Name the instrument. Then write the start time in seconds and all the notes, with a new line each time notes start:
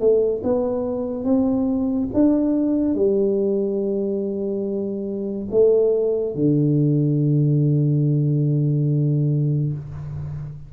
tuba
0.00 A3
0.44 B3
1.24 C4
2.14 D4
2.95 G3
5.50 A3
6.35 D3